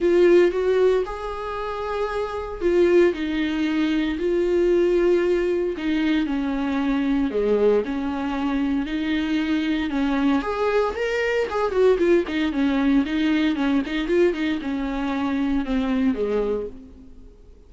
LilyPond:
\new Staff \with { instrumentName = "viola" } { \time 4/4 \tempo 4 = 115 f'4 fis'4 gis'2~ | gis'4 f'4 dis'2 | f'2. dis'4 | cis'2 gis4 cis'4~ |
cis'4 dis'2 cis'4 | gis'4 ais'4 gis'8 fis'8 f'8 dis'8 | cis'4 dis'4 cis'8 dis'8 f'8 dis'8 | cis'2 c'4 gis4 | }